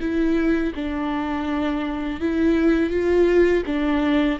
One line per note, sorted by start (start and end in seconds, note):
0.00 0.73 E4
0.75 2.21 D4
2.21 2.90 E4
2.90 3.63 F4
3.67 4.40 D4